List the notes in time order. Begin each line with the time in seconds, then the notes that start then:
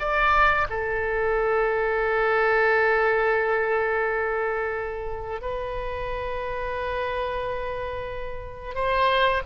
0.00 D5
0.70 A4
5.41 B4
8.75 C5